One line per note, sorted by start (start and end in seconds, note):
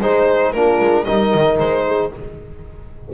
0.00 0.54 G#3
0.00 0.55 D#4
0.00 0.53 G#4
0.00 0.53 C5
0.53 0.80 A#3
0.53 1.07 D4
0.53 1.05 F4
0.53 1.05 A#4
0.80 1.06 G#3
1.05 1.35 G3
1.05 2.12 D#4
1.05 1.84 A#4
1.05 1.58 D#5
1.35 1.60 D#3
1.59 2.12 G#3
1.59 2.12 C5
1.87 2.14 G#4